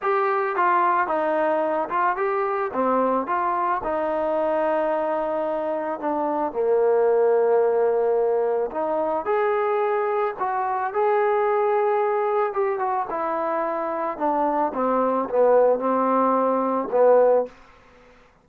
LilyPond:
\new Staff \with { instrumentName = "trombone" } { \time 4/4 \tempo 4 = 110 g'4 f'4 dis'4. f'8 | g'4 c'4 f'4 dis'4~ | dis'2. d'4 | ais1 |
dis'4 gis'2 fis'4 | gis'2. g'8 fis'8 | e'2 d'4 c'4 | b4 c'2 b4 | }